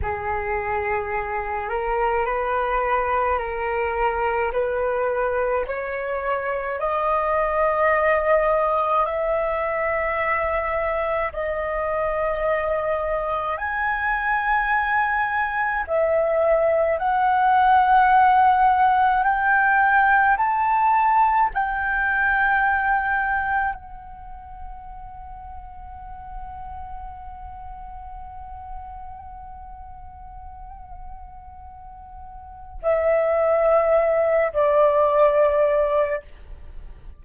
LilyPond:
\new Staff \with { instrumentName = "flute" } { \time 4/4 \tempo 4 = 53 gis'4. ais'8 b'4 ais'4 | b'4 cis''4 dis''2 | e''2 dis''2 | gis''2 e''4 fis''4~ |
fis''4 g''4 a''4 g''4~ | g''4 fis''2.~ | fis''1~ | fis''4 e''4. d''4. | }